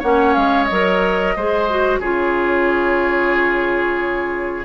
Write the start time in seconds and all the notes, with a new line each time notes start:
0.00 A#3 C#4 C#5 F#5
0.34 G#3 F5
0.64 D#5
0.71 F#3 A#4
1.36 G#3 G#4 C5
1.70 F#4
2.00 C#3 F4 G#4 C#5